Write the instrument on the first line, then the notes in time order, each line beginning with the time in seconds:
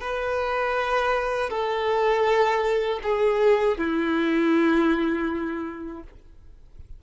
violin
0.00 B4
1.50 A4
3.02 G#4
3.77 E4